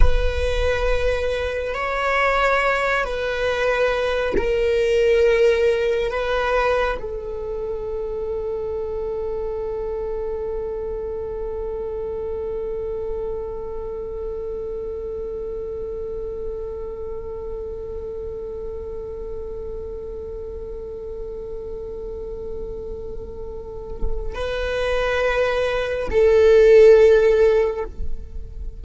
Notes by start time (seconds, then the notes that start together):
0.00 B4
1.74 C#5
3.04 B4
4.37 A#4
6.10 B4
6.98 A4
24.34 B4
26.10 A4